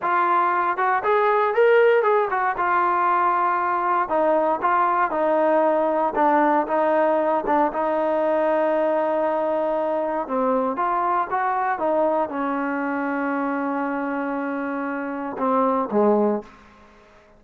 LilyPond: \new Staff \with { instrumentName = "trombone" } { \time 4/4 \tempo 4 = 117 f'4. fis'8 gis'4 ais'4 | gis'8 fis'8 f'2. | dis'4 f'4 dis'2 | d'4 dis'4. d'8 dis'4~ |
dis'1 | c'4 f'4 fis'4 dis'4 | cis'1~ | cis'2 c'4 gis4 | }